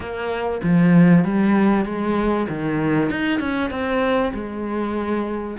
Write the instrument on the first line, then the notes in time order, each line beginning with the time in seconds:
cello
0.00 A#3
0.63 F3
1.24 G3
1.85 G#3
2.48 D#3
3.09 D#4
3.39 C#4
3.70 C4
4.33 G#3